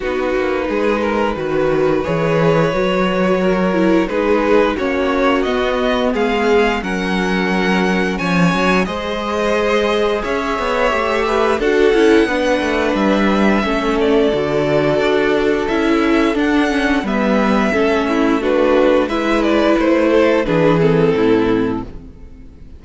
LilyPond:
<<
  \new Staff \with { instrumentName = "violin" } { \time 4/4 \tempo 4 = 88 b'2. cis''4~ | cis''2 b'4 cis''4 | dis''4 f''4 fis''2 | gis''4 dis''2 e''4~ |
e''4 fis''2 e''4~ | e''8 d''2~ d''8 e''4 | fis''4 e''2 b'4 | e''8 d''8 c''4 b'8 a'4. | }
  \new Staff \with { instrumentName = "violin" } { \time 4/4 fis'4 gis'8 ais'8 b'2~ | b'4 ais'4 gis'4 fis'4~ | fis'4 gis'4 ais'2 | cis''4 c''2 cis''4~ |
cis''8 b'8 a'4 b'2 | a'1~ | a'4 b'4 a'8 e'8 fis'4 | b'4. a'8 gis'4 e'4 | }
  \new Staff \with { instrumentName = "viola" } { \time 4/4 dis'2 fis'4 gis'4 | fis'4. e'8 dis'4 cis'4 | b2 cis'2~ | cis'4 gis'2. |
g'4 fis'8 e'8 d'2 | cis'4 fis'2 e'4 | d'8 cis'8 b4 cis'4 d'4 | e'2 d'8 c'4. | }
  \new Staff \with { instrumentName = "cello" } { \time 4/4 b8 ais8 gis4 dis4 e4 | fis2 gis4 ais4 | b4 gis4 fis2 | f8 fis8 gis2 cis'8 b8 |
a4 d'8 cis'8 b8 a8 g4 | a4 d4 d'4 cis'4 | d'4 g4 a2 | gis4 a4 e4 a,4 | }
>>